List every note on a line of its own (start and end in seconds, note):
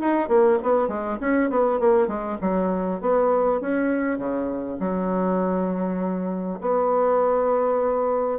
0.00 0.28 D#4
0.28 0.58 A#3
0.63 0.88 B3
0.88 1.18 G#3
1.20 1.50 C#4
1.50 1.79 B3
1.79 2.08 A#3
2.08 2.38 G#3
2.41 3.01 F#3
3.01 3.61 B3
3.61 4.18 C#4
4.18 4.78 C#3
4.79 6.59 F#3
6.61 8.39 B3